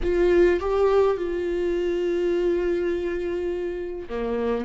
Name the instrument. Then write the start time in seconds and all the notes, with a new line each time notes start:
viola
0.03 F4
0.60 G4
1.17 F4
4.08 A#3